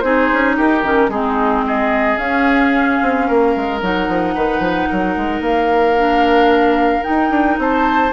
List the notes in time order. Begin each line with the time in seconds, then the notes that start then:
0.00 C4 D#4 G#4 C5
0.33 C#4
0.57 D#4 G4 A#4
0.83 D#3 C#4
1.09 G#3 C4 D#4 G#4
1.67 G#4 D#5
2.18 C#4 F5
3.02 C4
3.28 A#3 A#4
3.56 G#3
3.82 F#3 D#4 F#5
4.08 F3
4.35 D#3 B4
4.59 F3
4.90 F#3 A#4
5.17 G#3
5.41 A#3 F5
5.98 D4
7.03 D#4 G5
7.10 D#4
7.30 D4
7.59 C4 C5 A5